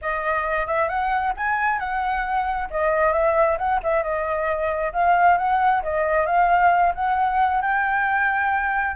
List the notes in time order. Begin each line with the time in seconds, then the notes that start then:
0.01 D#5
0.66 E5
0.89 F#5
1.37 G#5
1.79 F#5
2.70 D#5
3.12 E5
3.57 F#5
3.83 E5
4.03 D#5
4.92 F5
5.37 F#5
5.82 D#5
6.26 F5
6.94 F#5
7.61 G5